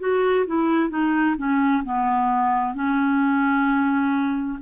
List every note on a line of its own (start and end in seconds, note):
0.00 0.46 F#4
0.47 0.90 E4
0.90 1.36 D#4
1.38 1.84 C#4
1.84 2.75 B3
2.75 4.59 C#4